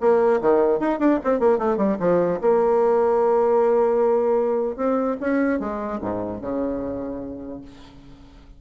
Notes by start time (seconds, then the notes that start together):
0.00 A#3
0.41 D#3
0.79 D#4
0.99 D4
1.24 C4
1.39 A#3
1.58 A3
1.77 G3
1.99 F3
2.41 A#3
4.76 C4
5.20 C#4
5.59 G#3
6.01 G#2
6.41 C#3